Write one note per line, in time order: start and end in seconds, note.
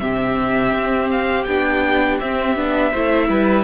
0.00 0.73 C3
0.00 1.47 C4
0.00 2.91 G4
0.00 1.10 E5
0.73 1.46 C4
1.11 1.44 F5
1.44 2.20 B3
1.44 2.21 D4
1.44 2.17 G5
2.20 2.56 C4
2.20 3.64 E5
2.56 2.93 B3
2.56 2.93 D4
2.91 3.29 A3
2.91 3.64 E4
2.91 3.28 C5
3.29 3.64 G3
3.29 3.64 B4